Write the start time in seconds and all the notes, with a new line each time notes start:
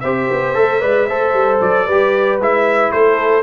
0.00 C4 G4 C5 E5
0.31 B3
0.54 A3 A4
0.81 G#3 B4 D5
1.08 A3 A4 C5
1.34 G3
1.61 F#3 D5
1.86 G3 G4 B4
2.39 G#3 E4 E5
2.91 A3 A4 C5